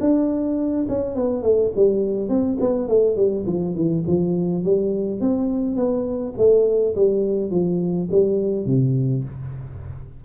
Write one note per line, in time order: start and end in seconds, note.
0.00 0.87 D4
0.88 1.15 C#4
1.15 1.42 B3
1.42 1.71 A3
1.76 2.29 G3
2.29 2.58 C4
2.60 2.88 B3
2.88 3.16 A3
3.16 3.45 G3
3.46 3.75 F3
3.75 4.04 E3
4.07 4.63 F3
4.63 5.21 G3
5.21 5.76 C4
5.76 6.34 B3
6.37 6.95 A3
6.95 7.51 G3
7.51 8.08 F3
8.11 8.66 G3
8.66 9.23 C3